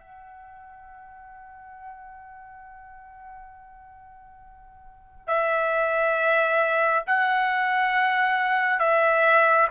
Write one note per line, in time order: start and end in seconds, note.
0.00 5.27 F#5
5.27 7.04 E5
7.07 8.80 F#5
8.80 9.68 E5